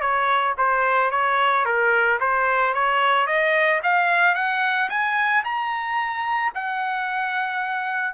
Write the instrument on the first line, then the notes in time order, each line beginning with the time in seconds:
trumpet
0.00 C#5
0.57 C5
1.11 C#5
1.65 A#4
2.20 C5
2.74 C#5
3.26 D#5
3.83 F5
4.35 F#5
4.89 G#5
5.44 A#5
6.54 F#5